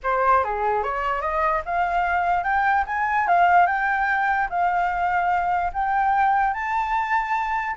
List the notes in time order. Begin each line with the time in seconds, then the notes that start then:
0.03 C5
0.44 G#4
0.83 C#5
1.21 D#5
1.65 F5
2.43 G5
2.86 G#5
3.27 F5
3.66 G5
4.49 F5
5.73 G5
6.53 A5